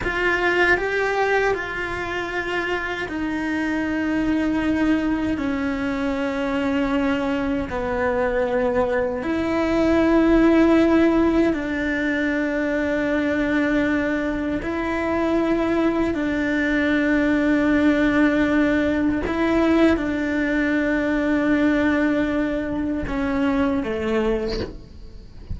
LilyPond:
\new Staff \with { instrumentName = "cello" } { \time 4/4 \tempo 4 = 78 f'4 g'4 f'2 | dis'2. cis'4~ | cis'2 b2 | e'2. d'4~ |
d'2. e'4~ | e'4 d'2.~ | d'4 e'4 d'2~ | d'2 cis'4 a4 | }